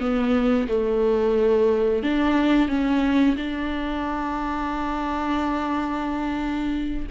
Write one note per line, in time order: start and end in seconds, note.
0.00 0.67 B3
0.68 2.03 A3
2.03 2.69 D4
2.69 3.36 C#4
3.36 7.07 D4